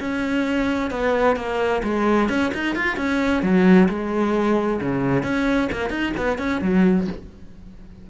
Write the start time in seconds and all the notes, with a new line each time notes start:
0.00 C#4
0.91 B3
1.37 A#3
1.84 G#3
2.29 C#4
2.55 D#4
2.76 F4
2.97 C#4
3.43 F#3
3.89 G#3
4.81 C#3
5.24 C#4
5.73 A#3
5.90 D#4
6.18 B3
6.39 C#4
6.62 F#3